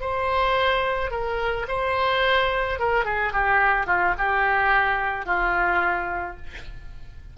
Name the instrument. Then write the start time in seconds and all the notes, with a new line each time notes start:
oboe
0.00 C5
1.11 A#4
1.68 C5
2.79 A#4
3.05 G#4
3.33 G4
3.86 F4
4.18 G4
5.26 F4